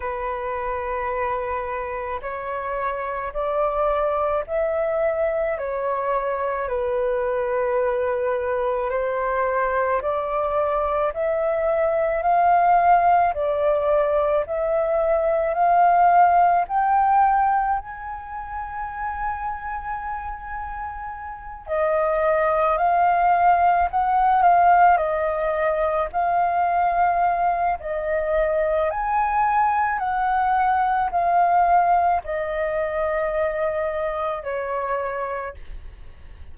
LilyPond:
\new Staff \with { instrumentName = "flute" } { \time 4/4 \tempo 4 = 54 b'2 cis''4 d''4 | e''4 cis''4 b'2 | c''4 d''4 e''4 f''4 | d''4 e''4 f''4 g''4 |
gis''2.~ gis''8 dis''8~ | dis''8 f''4 fis''8 f''8 dis''4 f''8~ | f''4 dis''4 gis''4 fis''4 | f''4 dis''2 cis''4 | }